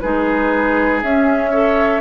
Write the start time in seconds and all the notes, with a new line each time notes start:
0.00 G#3 D#4 G#4 B4
1.02 C#4 E5
1.50 A4 C#5